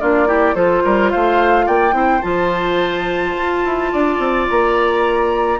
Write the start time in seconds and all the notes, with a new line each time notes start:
0.00 A#3 D4 F4 D5
0.27 E4 G4
0.55 F3 F4 A4 C5
0.84 G3 A#4
1.11 A3 C5 F5
1.66 A#3 D5 G5
1.92 C4 E4 C5
2.22 F3 F4 A5
3.37 F4
3.65 E4
3.92 D4 D5
4.19 C4
4.49 A#3 A#5